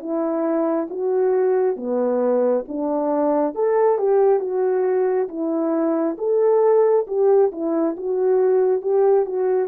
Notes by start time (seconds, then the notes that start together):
0.00 E4
0.90 F#4
1.77 B3
2.68 D4
3.55 A4
3.99 G4
4.40 F#4
5.29 E4
6.18 A4
7.07 G4
7.52 E4
7.97 F#4
8.82 G4
9.26 F#4